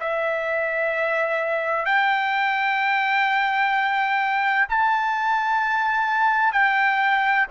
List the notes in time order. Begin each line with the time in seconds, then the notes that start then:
0.00 E5
1.85 G5
4.69 A5
6.52 G5